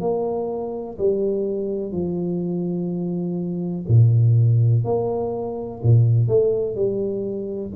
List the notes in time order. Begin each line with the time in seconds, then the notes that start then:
0.00 A#3
0.98 G3
1.92 F3
3.88 A#2
4.84 A#3
5.83 A#2
6.28 A3
6.75 G3